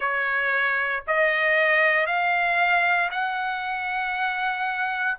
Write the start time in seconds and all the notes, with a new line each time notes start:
0.00 C#5
1.07 D#5
2.06 F5
3.10 F#5